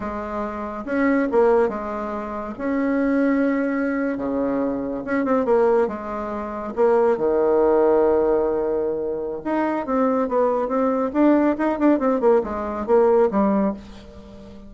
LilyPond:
\new Staff \with { instrumentName = "bassoon" } { \time 4/4 \tempo 4 = 140 gis2 cis'4 ais4 | gis2 cis'2~ | cis'4.~ cis'16 cis2 cis'16~ | cis'16 c'8 ais4 gis2 ais16~ |
ais8. dis2.~ dis16~ | dis2 dis'4 c'4 | b4 c'4 d'4 dis'8 d'8 | c'8 ais8 gis4 ais4 g4 | }